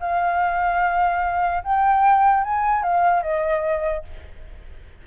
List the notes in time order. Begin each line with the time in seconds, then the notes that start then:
0.00 F5
1.63 G5
2.43 G#5
2.83 F5
3.22 D#5